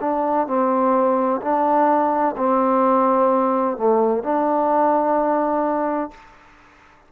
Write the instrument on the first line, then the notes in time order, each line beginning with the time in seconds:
trombone
0.00 D4
0.47 C4
1.41 D4
2.37 C4
3.77 A3
4.23 D4